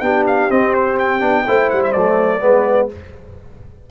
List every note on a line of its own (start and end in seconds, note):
0.00 0.49 B3
0.00 0.50 D4
0.00 1.47 G4
0.00 0.24 G5
0.27 0.51 F5
0.50 1.20 C4
0.50 1.22 C4
0.50 0.74 D#5
0.74 0.98 C5
0.99 1.70 G5
1.20 1.46 B3
1.20 1.44 D4
1.47 1.72 A3
1.47 1.95 E4
1.47 2.42 C5
1.70 1.94 G3
1.70 1.82 F#5
1.83 1.92 E5
1.92 2.42 F#3
1.92 2.40 A3
1.92 2.88 D5
2.40 2.90 G#3
2.40 2.88 B3
2.40 2.90 B4